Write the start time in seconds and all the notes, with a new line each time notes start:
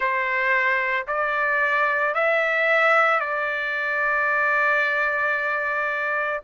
0.00 C5
1.07 D5
2.14 E5
3.19 D5